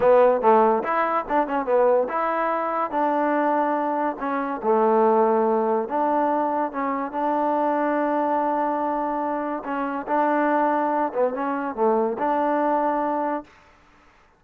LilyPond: \new Staff \with { instrumentName = "trombone" } { \time 4/4 \tempo 4 = 143 b4 a4 e'4 d'8 cis'8 | b4 e'2 d'4~ | d'2 cis'4 a4~ | a2 d'2 |
cis'4 d'2.~ | d'2. cis'4 | d'2~ d'8 b8 cis'4 | a4 d'2. | }